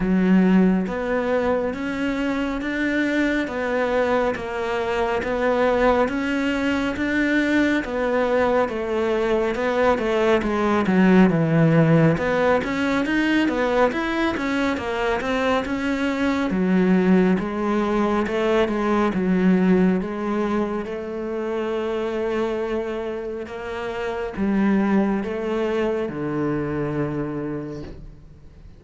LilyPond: \new Staff \with { instrumentName = "cello" } { \time 4/4 \tempo 4 = 69 fis4 b4 cis'4 d'4 | b4 ais4 b4 cis'4 | d'4 b4 a4 b8 a8 | gis8 fis8 e4 b8 cis'8 dis'8 b8 |
e'8 cis'8 ais8 c'8 cis'4 fis4 | gis4 a8 gis8 fis4 gis4 | a2. ais4 | g4 a4 d2 | }